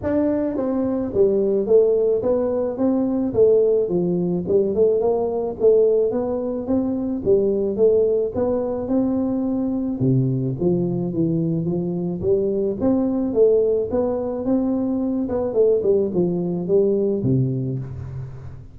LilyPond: \new Staff \with { instrumentName = "tuba" } { \time 4/4 \tempo 4 = 108 d'4 c'4 g4 a4 | b4 c'4 a4 f4 | g8 a8 ais4 a4 b4 | c'4 g4 a4 b4 |
c'2 c4 f4 | e4 f4 g4 c'4 | a4 b4 c'4. b8 | a8 g8 f4 g4 c4 | }